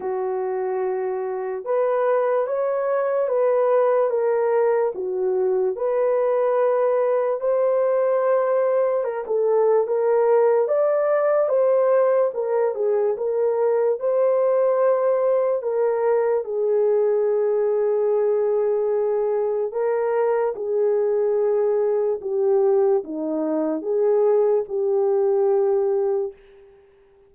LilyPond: \new Staff \with { instrumentName = "horn" } { \time 4/4 \tempo 4 = 73 fis'2 b'4 cis''4 | b'4 ais'4 fis'4 b'4~ | b'4 c''2 ais'16 a'8. | ais'4 d''4 c''4 ais'8 gis'8 |
ais'4 c''2 ais'4 | gis'1 | ais'4 gis'2 g'4 | dis'4 gis'4 g'2 | }